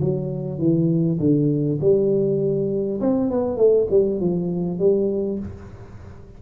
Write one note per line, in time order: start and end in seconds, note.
0.00 0.59 F#3
0.59 1.19 E3
1.19 1.79 D3
1.80 3.00 G3
3.01 3.31 C4
3.31 3.57 B3
3.57 3.87 A3
3.90 4.20 G3
4.20 4.79 F3
4.79 5.39 G3